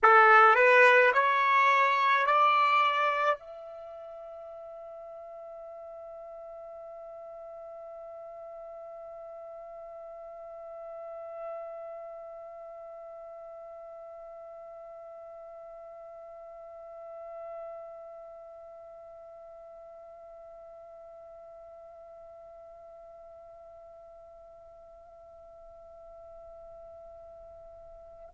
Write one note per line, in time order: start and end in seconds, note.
0.03 0.55 A4
0.55 1.12 B4
1.13 2.26 C#5
2.26 3.39 D5
3.39 28.29 E5